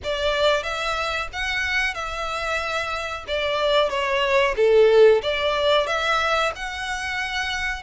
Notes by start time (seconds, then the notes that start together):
0.03 D5
0.63 E5
1.33 F#5
1.94 E5
3.27 D5
3.89 C#5
4.56 A4
5.22 D5
5.86 E5
6.55 F#5